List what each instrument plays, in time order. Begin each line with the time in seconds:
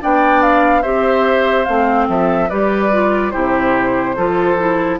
0.00 bassoon B3, clarinet D4, oboe D5, flute G5
0.42 flute F5
0.82 bassoon C4, clarinet G4, oboe C5, flute E5
1.65 bassoon A3, clarinet C4, flute F5
2.08 bassoon F3, oboe A4, flute E5
2.49 bassoon G3, clarinet G4, oboe B4, flute D5
2.92 clarinet F4
3.30 bassoon C3, clarinet E4, oboe G4, flute C5
4.16 bassoon F3, clarinet F4, oboe A4
4.58 clarinet E4